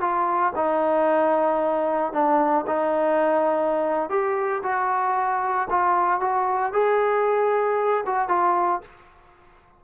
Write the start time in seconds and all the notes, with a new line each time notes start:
0.00 F4
0.55 D#4
2.12 D4
2.67 D#4
4.09 G4
4.62 F#4
5.70 F4
6.20 F#4
6.72 G#4
8.06 F#4
8.28 F4